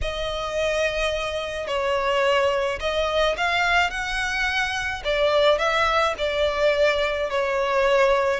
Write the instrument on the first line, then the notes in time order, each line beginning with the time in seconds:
violin
0.01 D#5
1.67 C#5
2.80 D#5
3.37 F5
3.90 F#5
5.04 D5
5.58 E5
6.17 D5
7.30 C#5